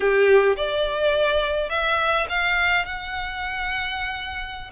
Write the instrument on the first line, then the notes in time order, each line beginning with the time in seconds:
violin
0.00 G4
0.56 D5
1.69 E5
2.29 F5
2.85 F#5